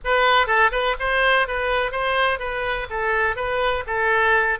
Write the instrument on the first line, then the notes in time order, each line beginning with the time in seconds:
oboe
0.04 B4
0.46 A4
0.71 B4
0.99 C5
1.47 B4
1.91 C5
2.39 B4
2.90 A4
3.36 B4
3.86 A4